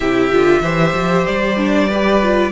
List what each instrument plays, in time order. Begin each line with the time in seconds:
0.00 cello C3, viola E4, violin G4 E5
0.31 cello D3, viola F4
0.61 cello E3, viola G4, violin C5
0.94 cello F3
1.26 cello G3, violin D5
1.57 viola D4
1.88 viola G4, violin B4
2.22 viola F4